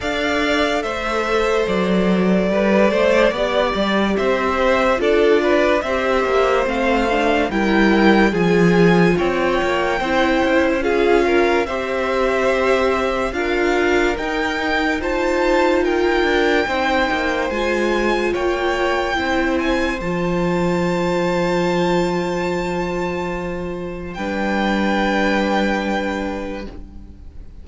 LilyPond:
<<
  \new Staff \with { instrumentName = "violin" } { \time 4/4 \tempo 4 = 72 f''4 e''4 d''2~ | d''4 e''4 d''4 e''4 | f''4 g''4 gis''4 g''4~ | g''4 f''4 e''2 |
f''4 g''4 a''4 g''4~ | g''4 gis''4 g''4. gis''8 | a''1~ | a''4 g''2. | }
  \new Staff \with { instrumentName = "violin" } { \time 4/4 d''4 c''2 b'8 c''8 | d''4 c''4 a'8 b'8 c''4~ | c''4 ais'4 gis'4 cis''4 | c''4 gis'8 ais'8 c''2 |
ais'2 c''4 ais'4 | c''2 cis''4 c''4~ | c''1~ | c''4 b'2. | }
  \new Staff \with { instrumentName = "viola" } { \time 4/4 a'1 | g'2 f'4 g'4 | c'8 d'8 e'4 f'2 | e'4 f'4 g'2 |
f'4 dis'4 f'2 | dis'4 f'2 e'4 | f'1~ | f'4 d'2. | }
  \new Staff \with { instrumentName = "cello" } { \time 4/4 d'4 a4 fis4 g8 a8 | b8 g8 c'4 d'4 c'8 ais8 | a4 g4 f4 c'8 ais8 | c'8 cis'4. c'2 |
d'4 dis'2~ dis'8 d'8 | c'8 ais8 gis4 ais4 c'4 | f1~ | f4 g2. | }
>>